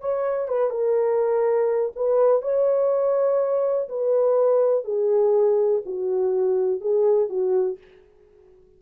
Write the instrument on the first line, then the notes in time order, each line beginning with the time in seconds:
horn
0.00 C#5
0.48 B4
0.70 A#4
1.95 B4
2.42 C#5
3.89 B4
4.84 G#4
5.85 F#4
6.80 G#4
7.29 F#4